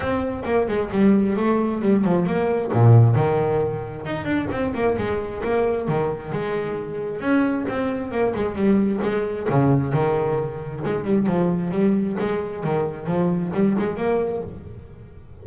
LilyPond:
\new Staff \with { instrumentName = "double bass" } { \time 4/4 \tempo 4 = 133 c'4 ais8 gis8 g4 a4 | g8 f8 ais4 ais,4 dis4~ | dis4 dis'8 d'8 c'8 ais8 gis4 | ais4 dis4 gis2 |
cis'4 c'4 ais8 gis8 g4 | gis4 cis4 dis2 | gis8 g8 f4 g4 gis4 | dis4 f4 g8 gis8 ais4 | }